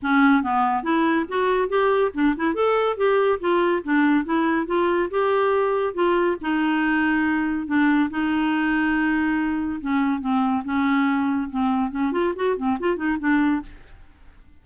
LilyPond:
\new Staff \with { instrumentName = "clarinet" } { \time 4/4 \tempo 4 = 141 cis'4 b4 e'4 fis'4 | g'4 d'8 e'8 a'4 g'4 | f'4 d'4 e'4 f'4 | g'2 f'4 dis'4~ |
dis'2 d'4 dis'4~ | dis'2. cis'4 | c'4 cis'2 c'4 | cis'8 f'8 fis'8 c'8 f'8 dis'8 d'4 | }